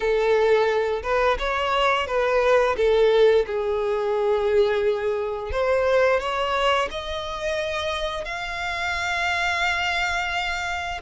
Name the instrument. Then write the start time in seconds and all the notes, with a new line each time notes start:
violin
0.00 A4
1.03 B4
1.38 C#5
2.07 B4
2.76 A4
3.46 G#4
5.51 C5
6.19 C#5
6.91 D#5
8.24 F5